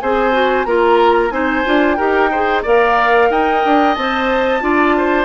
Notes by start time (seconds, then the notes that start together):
0.00 C4 G#4 C5 G#5
0.32 F#4
0.65 A#3 F4 A#4 A#5
1.30 C4 D#4 C5 G#5
1.64 D4 F4
1.94 D#4 G4 A#4 G5
2.31 G#4 C5
2.62 A#3 A#4 D5 F5
3.30 D#4 D#5 G5
3.64 D4
3.94 C4 C5 A5
4.61 D4 F4 D5
4.97 C5